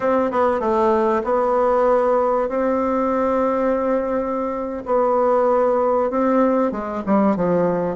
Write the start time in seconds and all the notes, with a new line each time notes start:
0.00 C4
0.31 B3
0.59 A3
1.24 B3
2.49 C4
4.85 B3
6.10 C4
6.71 G#3
7.06 G3
7.36 F3